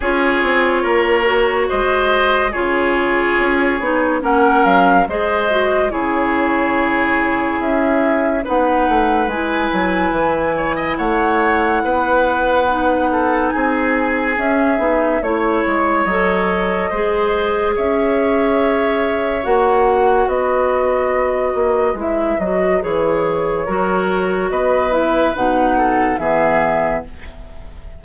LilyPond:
<<
  \new Staff \with { instrumentName = "flute" } { \time 4/4 \tempo 4 = 71 cis''2 dis''4 cis''4~ | cis''4 fis''8 f''8 dis''4 cis''4~ | cis''4 e''4 fis''4 gis''4~ | gis''4 fis''2. |
gis''4 e''4 cis''4 dis''4~ | dis''4 e''2 fis''4 | dis''2 e''8 dis''8 cis''4~ | cis''4 dis''8 e''8 fis''4 e''4 | }
  \new Staff \with { instrumentName = "oboe" } { \time 4/4 gis'4 ais'4 c''4 gis'4~ | gis'4 ais'4 c''4 gis'4~ | gis'2 b'2~ | b'8 cis''16 dis''16 cis''4 b'4. a'8 |
gis'2 cis''2 | c''4 cis''2. | b'1 | ais'4 b'4. a'8 gis'4 | }
  \new Staff \with { instrumentName = "clarinet" } { \time 4/4 f'4. fis'4. f'4~ | f'8 dis'8 cis'4 gis'8 fis'8 e'4~ | e'2 dis'4 e'4~ | e'2. dis'4~ |
dis'4 cis'8 dis'8 e'4 a'4 | gis'2. fis'4~ | fis'2 e'8 fis'8 gis'4 | fis'4. e'8 dis'4 b4 | }
  \new Staff \with { instrumentName = "bassoon" } { \time 4/4 cis'8 c'8 ais4 gis4 cis4 | cis'8 b8 ais8 fis8 gis4 cis4~ | cis4 cis'4 b8 a8 gis8 fis8 | e4 a4 b2 |
c'4 cis'8 b8 a8 gis8 fis4 | gis4 cis'2 ais4 | b4. ais8 gis8 fis8 e4 | fis4 b4 b,4 e4 | }
>>